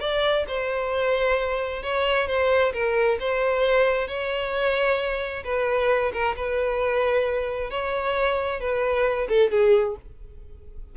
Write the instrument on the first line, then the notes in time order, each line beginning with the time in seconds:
violin
0.00 D5
0.48 C5
1.83 C#5
2.27 C5
2.73 A#4
3.20 C5
4.08 C#5
5.44 B4
6.13 A#4
6.36 B4
7.70 C#5
8.60 B4
9.28 A4
9.51 G#4